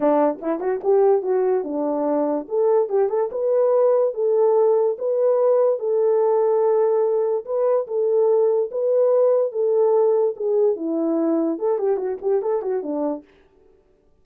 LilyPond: \new Staff \with { instrumentName = "horn" } { \time 4/4 \tempo 4 = 145 d'4 e'8 fis'8 g'4 fis'4 | d'2 a'4 g'8 a'8 | b'2 a'2 | b'2 a'2~ |
a'2 b'4 a'4~ | a'4 b'2 a'4~ | a'4 gis'4 e'2 | a'8 g'8 fis'8 g'8 a'8 fis'8 d'4 | }